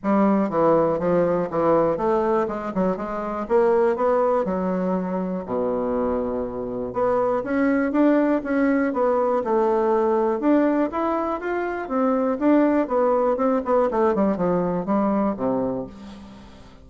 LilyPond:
\new Staff \with { instrumentName = "bassoon" } { \time 4/4 \tempo 4 = 121 g4 e4 f4 e4 | a4 gis8 fis8 gis4 ais4 | b4 fis2 b,4~ | b,2 b4 cis'4 |
d'4 cis'4 b4 a4~ | a4 d'4 e'4 f'4 | c'4 d'4 b4 c'8 b8 | a8 g8 f4 g4 c4 | }